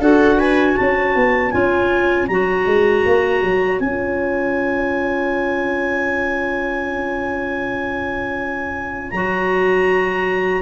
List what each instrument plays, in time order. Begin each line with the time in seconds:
0.00 tuba D4, clarinet F#4 F#5, viola A4
0.38 viola B4, clarinet G#5
0.74 tuba C#4, viola C#5, clarinet A5
1.15 tuba B3
1.51 tuba C#4, clarinet F4 G#5
2.27 tuba F#3, clarinet F#4 A#5
2.66 tuba G#3
3.06 tuba A#3
3.42 tuba F#3
3.79 tuba C#4, clarinet F4 G#5
9.10 tuba F#3, clarinet F#4 A#5